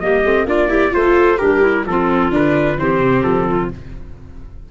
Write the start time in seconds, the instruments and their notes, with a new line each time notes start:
0.00 tuba G3, viola A#3, clarinet G4, trumpet D#5
0.24 tuba A3, viola C4
0.45 tuba A#3, viola D4, clarinet F4, trumpet D5
0.68 viola E4, clarinet G4
0.91 tuba A3, viola F4, clarinet A4, trumpet C5
1.38 tuba G3, clarinet D4, viola G4, trumpet A#4
1.62 clarinet E4
1.86 tuba F3, viola C4, clarinet F4, trumpet A4
2.31 tuba D3, viola D4, trumpet B4
2.78 tuba E3, viola C4, clarinet G4, trumpet C5
2.99 tuba C3
3.23 tuba F3, trumpet A4
3.48 clarinet F4